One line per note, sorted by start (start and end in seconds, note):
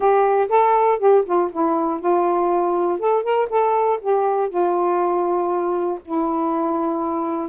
0.00 0.48 G4
0.49 0.98 A4
0.98 1.23 G4
1.25 1.50 F4
1.51 2.00 E4
2.00 2.99 F4
2.99 3.23 A4
3.23 3.48 A#4
3.49 3.99 A4
4.01 4.49 G4
4.49 5.99 F4
6.04 7.49 E4